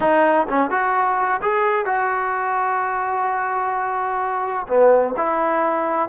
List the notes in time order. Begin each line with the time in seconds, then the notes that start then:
0.00 D#4
0.49 C#4
0.70 F#4
1.41 G#4
1.85 F#4
4.67 B3
5.16 E4